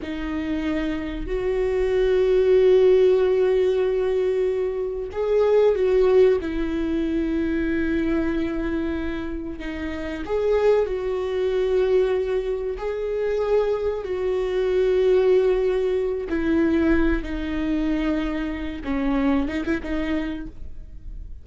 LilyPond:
\new Staff \with { instrumentName = "viola" } { \time 4/4 \tempo 4 = 94 dis'2 fis'2~ | fis'1 | gis'4 fis'4 e'2~ | e'2. dis'4 |
gis'4 fis'2. | gis'2 fis'2~ | fis'4. e'4. dis'4~ | dis'4. cis'4 dis'16 e'16 dis'4 | }